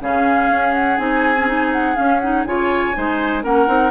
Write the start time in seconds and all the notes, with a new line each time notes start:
0.00 C#3 C#4 G#4 F5
0.49 C#4
0.73 F#5
0.97 C4 D#4 G#5
1.37 C#4
1.47 D#4
1.72 F#5
1.95 C#4 F5
2.19 D#4 F#5
2.44 C#3 F4 C#5 G#5
2.94 G#3 D#4 C5
3.43 A#3 C#4 A#4 F#5
3.67 C4 D#4